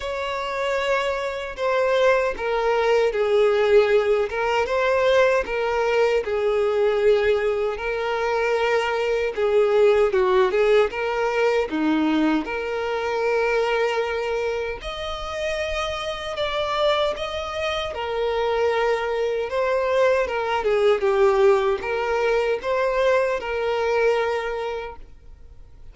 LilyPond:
\new Staff \with { instrumentName = "violin" } { \time 4/4 \tempo 4 = 77 cis''2 c''4 ais'4 | gis'4. ais'8 c''4 ais'4 | gis'2 ais'2 | gis'4 fis'8 gis'8 ais'4 dis'4 |
ais'2. dis''4~ | dis''4 d''4 dis''4 ais'4~ | ais'4 c''4 ais'8 gis'8 g'4 | ais'4 c''4 ais'2 | }